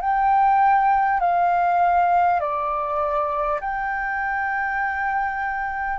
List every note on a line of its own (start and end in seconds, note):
0.00 1.19 G5
1.19 2.39 F5
2.39 3.59 D5
3.60 5.99 G5